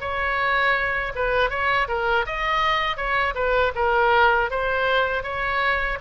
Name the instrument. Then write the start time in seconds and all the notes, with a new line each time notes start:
oboe
0.00 C#5
1.15 B4
1.50 C#5
1.88 A#4
2.26 D#5
2.96 C#5
3.34 B4
3.75 A#4
4.50 C5
5.23 C#5